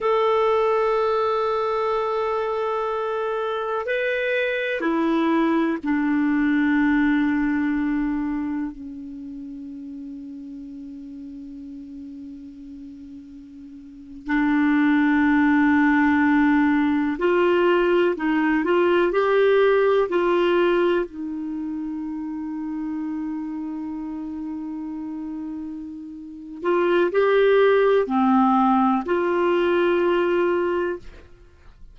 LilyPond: \new Staff \with { instrumentName = "clarinet" } { \time 4/4 \tempo 4 = 62 a'1 | b'4 e'4 d'2~ | d'4 cis'2.~ | cis'2~ cis'8. d'4~ d'16~ |
d'4.~ d'16 f'4 dis'8 f'8 g'16~ | g'8. f'4 dis'2~ dis'16~ | dis'2.~ dis'8 f'8 | g'4 c'4 f'2 | }